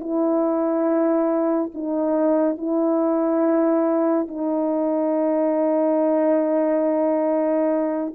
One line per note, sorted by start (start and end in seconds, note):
0.00 1.71 E4
1.74 2.57 D#4
2.57 4.27 E4
4.27 8.13 D#4